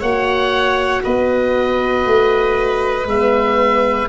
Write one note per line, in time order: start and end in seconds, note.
0.00 1.04 A#3
0.00 3.08 F#4
0.00 1.02 C#5
0.00 1.03 F#5
1.04 2.06 B3
1.04 4.09 B4
1.04 3.07 D#5
2.06 3.06 A3
3.06 4.07 G#3
3.06 4.09 B3
3.06 4.09 E5